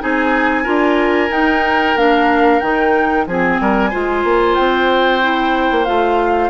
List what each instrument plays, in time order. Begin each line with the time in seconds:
0.00 bassoon C4, clarinet D#4, oboe G#4, flute G#5
0.63 bassoon D4, clarinet F4, oboe A#4
1.30 bassoon D#4, clarinet D#4, flute G5
1.95 bassoon A#3, clarinet D4, flute F5
2.60 bassoon D#3, clarinet D#4, flute G5
3.26 bassoon F3, clarinet C4, oboe G#4, flute G#5
3.60 bassoon G3, oboe A#4
3.90 bassoon G#3, clarinet F4, oboe C5
4.24 bassoon A#3
4.55 bassoon C4, flute G5
5.21 clarinet E4
5.71 bassoon A#3
5.85 bassoon A3, clarinet F4, flute F5